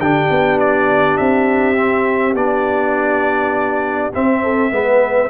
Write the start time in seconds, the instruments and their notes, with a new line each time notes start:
0.00 tuba D3, trombone D4, horn G4, trumpet G5
0.31 tuba B3
0.60 trumpet D5
1.17 tuba C4, trumpet E5
1.76 trombone C4
2.34 tuba B3, trombone D4, trumpet D5
4.14 trombone C4, tuba C4, trumpet E5
4.43 horn A4
4.71 tuba G#3, trombone B3, horn B4